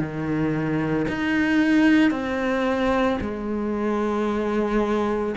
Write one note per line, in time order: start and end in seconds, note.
0.00 1.07 D#3
1.09 2.11 D#4
2.11 3.19 C4
3.21 5.36 G#3